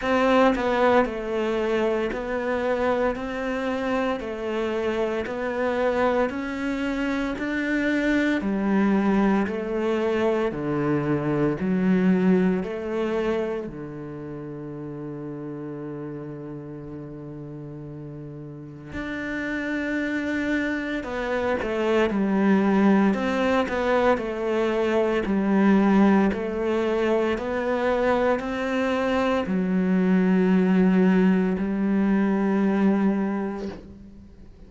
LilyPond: \new Staff \with { instrumentName = "cello" } { \time 4/4 \tempo 4 = 57 c'8 b8 a4 b4 c'4 | a4 b4 cis'4 d'4 | g4 a4 d4 fis4 | a4 d2.~ |
d2 d'2 | b8 a8 g4 c'8 b8 a4 | g4 a4 b4 c'4 | fis2 g2 | }